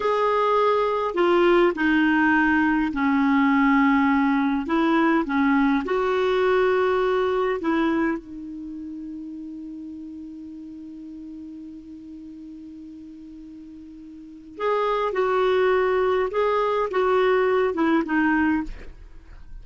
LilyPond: \new Staff \with { instrumentName = "clarinet" } { \time 4/4 \tempo 4 = 103 gis'2 f'4 dis'4~ | dis'4 cis'2. | e'4 cis'4 fis'2~ | fis'4 e'4 dis'2~ |
dis'1~ | dis'1~ | dis'4 gis'4 fis'2 | gis'4 fis'4. e'8 dis'4 | }